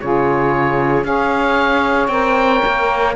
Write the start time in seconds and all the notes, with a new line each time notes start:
0.00 C#3 F4 G#4 C#5
1.03 C#4 G#4 C#5 F5
2.07 C4 A#4 G5
2.65 A#3